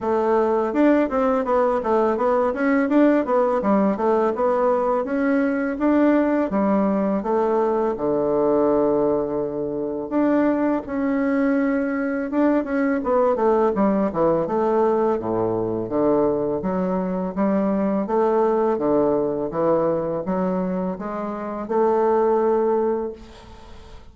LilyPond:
\new Staff \with { instrumentName = "bassoon" } { \time 4/4 \tempo 4 = 83 a4 d'8 c'8 b8 a8 b8 cis'8 | d'8 b8 g8 a8 b4 cis'4 | d'4 g4 a4 d4~ | d2 d'4 cis'4~ |
cis'4 d'8 cis'8 b8 a8 g8 e8 | a4 a,4 d4 fis4 | g4 a4 d4 e4 | fis4 gis4 a2 | }